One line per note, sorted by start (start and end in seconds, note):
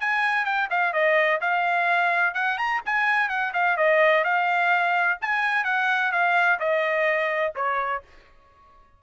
0.00 0.45 G#5
0.45 0.69 G5
0.70 0.93 F5
0.93 1.40 D#5
1.41 2.34 F5
2.34 2.58 F#5
2.58 2.81 A#5
2.85 3.29 G#5
3.29 3.53 F#5
3.53 3.77 F5
3.77 4.24 D#5
4.24 5.19 F5
5.21 5.64 G#5
5.64 6.12 F#5
6.12 6.59 F5
6.59 7.54 D#5
7.55 8.03 C#5